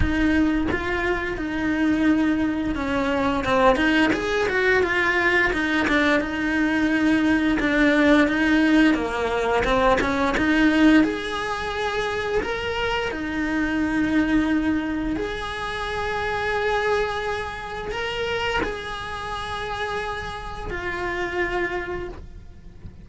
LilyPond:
\new Staff \with { instrumentName = "cello" } { \time 4/4 \tempo 4 = 87 dis'4 f'4 dis'2 | cis'4 c'8 dis'8 gis'8 fis'8 f'4 | dis'8 d'8 dis'2 d'4 | dis'4 ais4 c'8 cis'8 dis'4 |
gis'2 ais'4 dis'4~ | dis'2 gis'2~ | gis'2 ais'4 gis'4~ | gis'2 f'2 | }